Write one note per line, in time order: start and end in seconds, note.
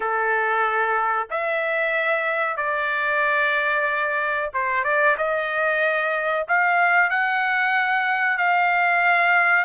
0.00 1.28 A4
1.30 2.57 E5
2.57 4.50 D5
4.53 4.84 C5
4.84 5.16 D5
5.17 6.46 D#5
6.48 7.10 F5
7.10 8.37 F#5
8.37 9.64 F5